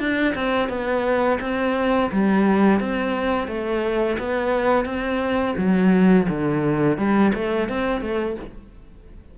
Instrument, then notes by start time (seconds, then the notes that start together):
cello
0.00 D4
0.35 C4
0.69 B3
1.41 C4
2.12 G3
2.80 C4
3.48 A3
4.19 B3
4.86 C4
5.58 F#3
6.29 D3
6.98 G3
7.35 A3
7.69 C4
8.01 A3